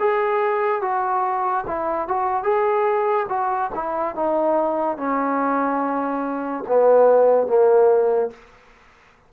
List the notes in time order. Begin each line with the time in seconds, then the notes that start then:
0.00 G#4
0.82 F#4
1.67 E4
2.08 F#4
2.44 G#4
3.29 F#4
3.75 E4
4.16 D#4
4.98 C#4
6.68 B3
7.48 A#3